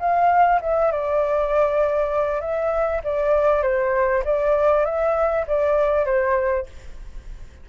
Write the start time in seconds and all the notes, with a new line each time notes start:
0.00 F5
0.61 E5
0.92 D5
2.41 E5
3.04 D5
3.63 C5
4.25 D5
4.85 E5
5.47 D5
6.06 C5